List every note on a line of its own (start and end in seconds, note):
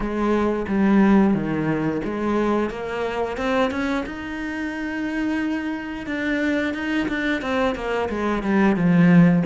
0.00 0.66 G#3
0.67 1.34 G3
1.34 2.01 D#3
2.04 2.70 G#3
2.70 3.37 A#3
3.37 3.70 C4
3.70 4.04 C#4
4.06 6.06 D#4
6.06 6.74 D4
6.74 7.07 D#4
7.08 7.41 D4
7.41 7.75 C4
7.75 8.08 A#3
8.09 8.43 G#3
8.43 8.75 G3
8.75 9.43 F3